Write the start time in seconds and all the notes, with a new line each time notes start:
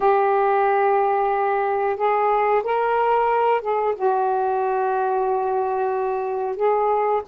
0.00 G4
1.96 G#4
2.63 A#4
3.61 G#4
3.95 F#4
6.55 G#4